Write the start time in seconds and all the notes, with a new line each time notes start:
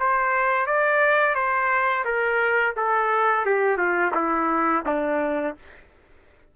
0.00 C5
0.67 D5
1.35 C5
2.05 A#4
2.77 A4
3.46 G4
3.77 F4
4.15 E4
4.86 D4